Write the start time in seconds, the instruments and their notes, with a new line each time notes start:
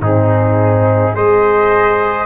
0.00 tuba G#2, horn C4, trumpet D#4, flute G#4
1.13 tuba G#3, horn G#4, trumpet C5, flute D#5